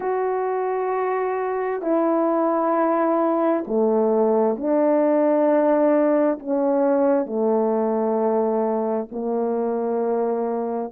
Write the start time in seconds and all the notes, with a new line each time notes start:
0.00 F#4
1.82 E4
3.67 A3
4.57 D4
6.39 C#4
7.26 A3
9.12 A#3